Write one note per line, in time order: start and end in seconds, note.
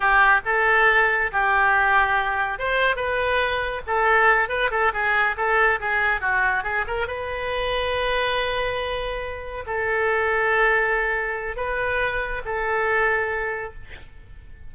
0.00 0.41 G4
0.45 1.31 A4
1.32 2.58 G4
2.58 2.96 C5
2.96 3.81 B4
3.86 4.48 A4
4.48 4.70 B4
4.70 4.92 A4
4.93 5.36 G#4
5.36 5.79 A4
5.80 6.20 G#4
6.20 6.63 F#4
6.63 6.85 G#4
6.87 7.07 A#4
7.07 9.64 B4
9.66 11.56 A4
11.56 12.42 B4
12.45 13.73 A4